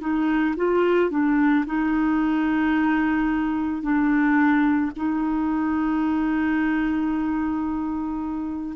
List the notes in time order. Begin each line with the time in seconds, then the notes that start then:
0.00 D#4
0.57 F4
1.11 D4
1.66 D#4
3.82 D4
4.96 D#4